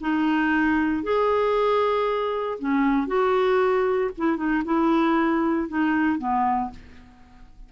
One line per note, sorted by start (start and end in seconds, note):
0.00 1.03 D#4
1.03 2.58 G#4
2.58 3.07 C#4
3.07 4.11 F#4
4.17 4.36 E4
4.36 4.62 D#4
4.65 5.68 E4
5.68 6.18 D#4
6.18 6.70 B3